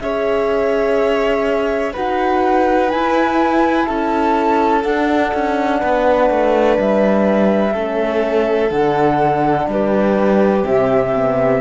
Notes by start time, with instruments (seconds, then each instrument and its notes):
0.00 cello C#4, horn G#4, violin C#5, flute E5
1.93 cello D#4, horn F#4, violin B4, flute F#5
2.90 horn E4, cello E4, flute G#5
3.85 cello C#4, violin A4, flute A5
4.83 horn D4, cello D4, flute F#5
5.34 cello C#4
5.80 cello B3, violin B4
6.30 cello A3
6.79 cello G3, flute E5
7.73 cello A3, horn C#4, violin A4
8.71 cello D3, horn D4, flute F#5
9.67 cello G3, violin G4, flute B4
10.62 cello C3, horn C4, flute E5
11.15 horn B3